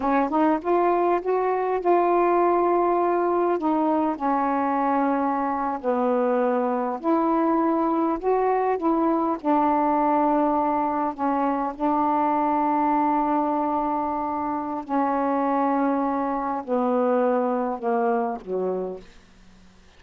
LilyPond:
\new Staff \with { instrumentName = "saxophone" } { \time 4/4 \tempo 4 = 101 cis'8 dis'8 f'4 fis'4 f'4~ | f'2 dis'4 cis'4~ | cis'4.~ cis'16 b2 e'16~ | e'4.~ e'16 fis'4 e'4 d'16~ |
d'2~ d'8. cis'4 d'16~ | d'1~ | d'4 cis'2. | b2 ais4 fis4 | }